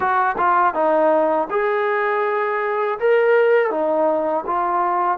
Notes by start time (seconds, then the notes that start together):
0.00 F#4
0.37 F4
0.73 D#4
1.50 G#4
2.99 A#4
3.70 D#4
4.46 F4